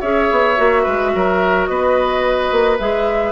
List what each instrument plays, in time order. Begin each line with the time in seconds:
0.00 bassoon C#4, clarinet G#4, oboe C#5, flute E5
0.30 bassoon B3
0.56 bassoon A#3, clarinet F#4
0.82 bassoon G#3, oboe B4
1.14 bassoon F#3, oboe A#4
1.66 bassoon B3, oboe B4, flute D#5
2.51 bassoon A#3
2.79 bassoon G#3, clarinet G#4, flute E5